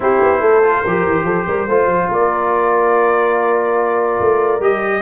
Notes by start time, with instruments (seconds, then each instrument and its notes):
0.00 tuba C4, trombone E4, horn G4, trumpet C5
0.22 tuba B3
0.40 tuba A3, horn A4
0.63 trombone F4
0.82 tuba F3, trombone G4, horn A#4
1.05 tuba E3
1.23 tuba F3, horn A4
1.47 tuba G3, horn A#4
1.67 tuba A3, trombone F4, horn C5
1.86 tuba F3
2.09 tuba A#3, horn A#4, trumpet D5
4.20 tuba A3
4.60 tuba G3, trombone G4, trumpet D#5